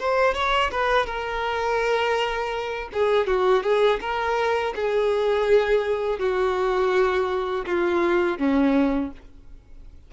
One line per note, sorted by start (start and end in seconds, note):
0.00 0.35 C5
0.35 0.71 C#5
0.72 1.06 B4
1.06 2.89 A#4
2.93 3.27 G#4
3.27 3.64 F#4
3.64 4.00 G#4
4.01 4.74 A#4
4.76 6.19 G#4
6.19 7.66 F#4
7.66 8.39 F4
8.39 9.12 C#4